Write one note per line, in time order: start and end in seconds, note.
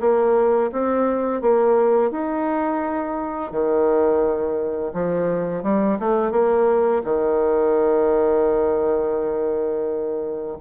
0.00 0.71 A#3
0.72 1.41 C4
1.41 2.11 A#3
2.11 3.51 D#4
3.51 4.92 D#3
4.93 5.63 F3
5.63 5.98 G3
5.99 6.31 A3
6.31 7.02 A#3
7.04 10.57 D#3